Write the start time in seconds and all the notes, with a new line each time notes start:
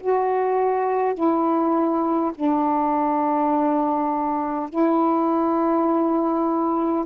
0.00 F#4
1.14 E4
2.35 D4
4.70 E4